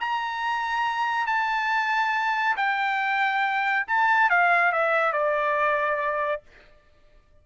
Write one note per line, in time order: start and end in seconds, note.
0.00 1.26 A#5
1.26 2.56 A5
2.56 3.86 G5
3.87 4.29 A5
4.29 4.72 F5
4.72 5.12 E5
5.12 6.42 D5